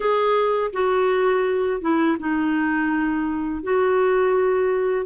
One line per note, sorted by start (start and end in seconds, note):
0.00 0.71 G#4
0.72 1.81 F#4
1.81 2.17 E4
2.19 3.63 D#4
3.63 5.06 F#4